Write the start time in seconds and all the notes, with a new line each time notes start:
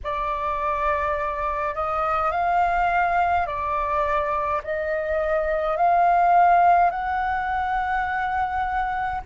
0.03 D5
1.74 D#5
2.31 F5
3.46 D5
4.63 D#5
5.76 F5
6.90 F#5